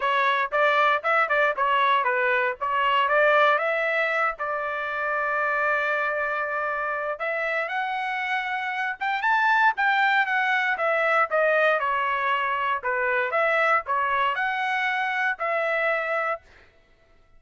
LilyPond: \new Staff \with { instrumentName = "trumpet" } { \time 4/4 \tempo 4 = 117 cis''4 d''4 e''8 d''8 cis''4 | b'4 cis''4 d''4 e''4~ | e''8 d''2.~ d''8~ | d''2 e''4 fis''4~ |
fis''4. g''8 a''4 g''4 | fis''4 e''4 dis''4 cis''4~ | cis''4 b'4 e''4 cis''4 | fis''2 e''2 | }